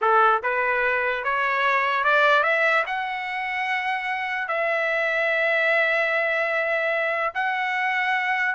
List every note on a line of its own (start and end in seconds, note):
0.01 0.42 A4
0.42 1.24 B4
1.24 2.04 C#5
2.04 2.43 D5
2.43 2.84 E5
2.86 4.47 F#5
4.47 7.33 E5
7.34 8.55 F#5